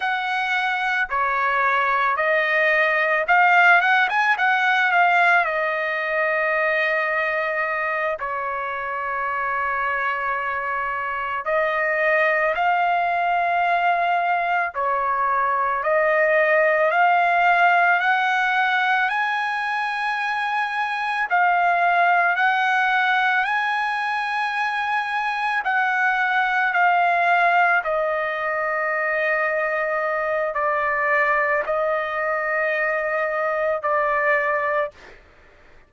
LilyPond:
\new Staff \with { instrumentName = "trumpet" } { \time 4/4 \tempo 4 = 55 fis''4 cis''4 dis''4 f''8 fis''16 gis''16 | fis''8 f''8 dis''2~ dis''8 cis''8~ | cis''2~ cis''8 dis''4 f''8~ | f''4. cis''4 dis''4 f''8~ |
f''8 fis''4 gis''2 f''8~ | f''8 fis''4 gis''2 fis''8~ | fis''8 f''4 dis''2~ dis''8 | d''4 dis''2 d''4 | }